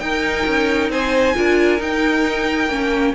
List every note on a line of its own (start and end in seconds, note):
0.00 0.45 D#4
0.00 1.35 D#4
0.00 0.91 A#4
0.00 0.90 G5
0.46 0.90 C#4
0.90 1.35 C4
0.90 1.36 C5
0.90 1.82 G#5
1.35 1.80 D4
1.35 1.79 F4
1.35 3.15 A#4
1.79 2.68 D#4
1.79 2.69 D#4
1.79 3.15 G5
2.69 3.14 A#3
2.69 3.15 C#4